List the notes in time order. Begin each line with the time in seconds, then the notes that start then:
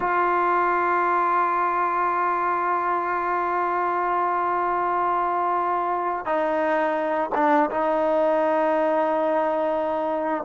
0.00 F4
6.25 D#4
7.34 D4
7.70 D#4